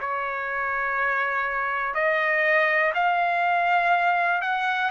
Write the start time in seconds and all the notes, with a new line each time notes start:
0.00 C#5
1.94 D#5
2.95 F5
4.42 F#5